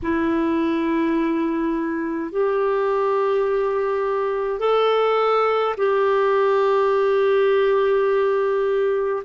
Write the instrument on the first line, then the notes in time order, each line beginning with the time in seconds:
clarinet
0.02 E4
2.31 G4
4.59 A4
5.77 G4